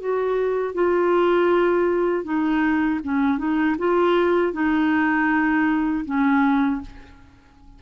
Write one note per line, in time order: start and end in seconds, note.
0.00 0.75 F#4
0.75 2.24 F4
2.24 3.00 D#4
3.04 3.38 C#4
3.38 3.76 D#4
3.78 4.53 F4
4.53 6.05 D#4
6.05 6.81 C#4